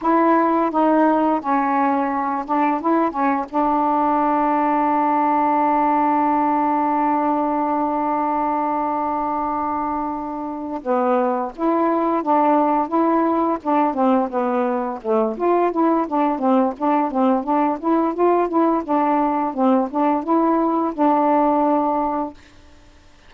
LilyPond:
\new Staff \with { instrumentName = "saxophone" } { \time 4/4 \tempo 4 = 86 e'4 dis'4 cis'4. d'8 | e'8 cis'8 d'2.~ | d'1~ | d'2.~ d'8 b8~ |
b8 e'4 d'4 e'4 d'8 | c'8 b4 a8 f'8 e'8 d'8 c'8 | d'8 c'8 d'8 e'8 f'8 e'8 d'4 | c'8 d'8 e'4 d'2 | }